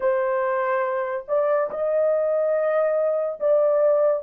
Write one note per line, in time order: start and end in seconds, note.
0.00 1.25 C5
1.28 1.70 D5
1.70 3.39 D#5
3.40 4.23 D5